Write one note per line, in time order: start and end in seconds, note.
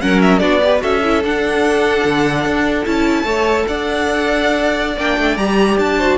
0.00 0.41 F#3
0.00 0.40 C#4
0.00 0.40 A#4
0.00 0.21 F#5
0.21 0.38 E5
0.38 0.81 B3
0.38 0.60 D4
0.38 0.60 F#4
0.38 0.79 D5
0.63 0.79 G4
0.63 0.82 B4
0.79 1.24 C#4
0.79 0.99 F#4
0.79 3.25 A4
0.79 1.23 E5
1.03 1.23 E4
1.24 2.04 D4
1.24 2.85 D4
1.24 2.85 F#5
2.04 2.45 D3
2.45 2.85 D4
2.85 3.23 C#4
2.85 3.25 E4
2.85 3.66 A5
3.23 3.64 A3
3.23 4.97 A4
3.23 3.66 C#5
3.67 4.96 D4
3.67 5.97 D5
3.67 4.98 F#5
4.96 5.17 A#3
4.96 5.39 D4
4.96 5.36 G5
5.17 5.36 A3
5.36 5.77 G3
5.36 6.00 G4
5.36 5.77 A#5
5.78 6.17 D4
5.78 6.17 A5
5.97 6.17 F#4
5.97 6.17 C5